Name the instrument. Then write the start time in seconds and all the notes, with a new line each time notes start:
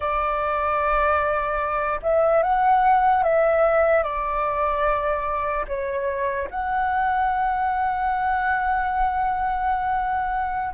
flute
0.00 D5
2.02 E5
2.42 F#5
3.23 E5
4.03 D5
5.67 C#5
6.50 F#5